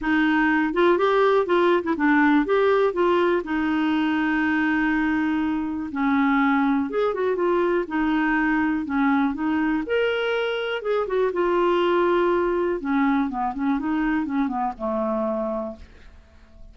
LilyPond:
\new Staff \with { instrumentName = "clarinet" } { \time 4/4 \tempo 4 = 122 dis'4. f'8 g'4 f'8. e'16 | d'4 g'4 f'4 dis'4~ | dis'1 | cis'2 gis'8 fis'8 f'4 |
dis'2 cis'4 dis'4 | ais'2 gis'8 fis'8 f'4~ | f'2 cis'4 b8 cis'8 | dis'4 cis'8 b8 a2 | }